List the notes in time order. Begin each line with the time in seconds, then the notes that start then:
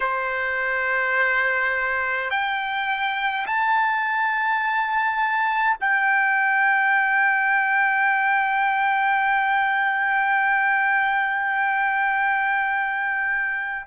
0.00 C5
2.30 G5
3.46 A5
5.80 G5